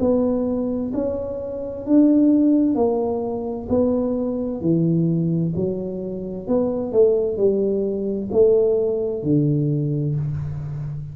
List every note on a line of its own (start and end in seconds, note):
0.00 0.92 B3
0.94 1.86 C#4
1.87 2.75 D4
2.75 3.68 A#3
3.69 4.61 B3
4.61 5.53 E3
5.56 6.48 F#3
6.48 6.92 B3
6.92 7.37 A3
7.37 8.30 G3
8.32 9.23 A3
9.23 10.15 D3